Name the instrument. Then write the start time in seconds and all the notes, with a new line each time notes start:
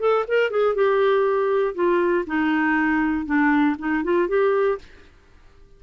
clarinet
0.00 A4
0.28 A#4
0.51 G#4
0.75 G4
1.75 F4
2.27 D#4
3.26 D4
3.79 D#4
4.04 F4
4.29 G4